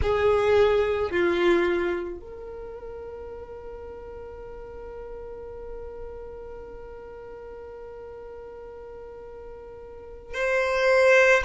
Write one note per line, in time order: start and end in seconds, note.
0.01 1.11 G#4
1.11 2.19 F4
2.19 10.33 A#4
10.33 11.42 C5